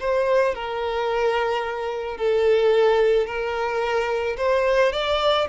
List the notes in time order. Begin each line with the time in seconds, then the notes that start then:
0.00 C5
0.55 A#4
2.17 A4
3.27 A#4
4.37 C5
4.93 D5